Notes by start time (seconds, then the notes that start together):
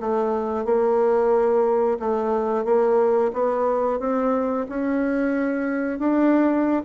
0.00 A3
0.65 A#3
1.99 A3
2.65 A#3
3.33 B3
3.99 C4
4.69 C#4
5.99 D4